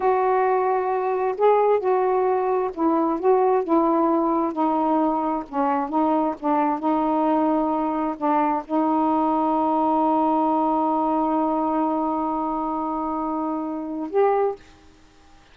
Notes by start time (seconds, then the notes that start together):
0.00 F#4
1.37 G#4
1.79 F#4
2.74 E4
3.19 F#4
3.63 E4
4.52 D#4
5.49 C#4
5.89 D#4
6.39 D4
6.79 D#4
8.17 D4
8.64 D#4
14.10 G4